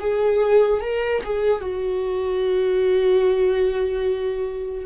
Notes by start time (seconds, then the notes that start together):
0.00 G#4
0.81 A#4
1.24 G#4
1.61 F#4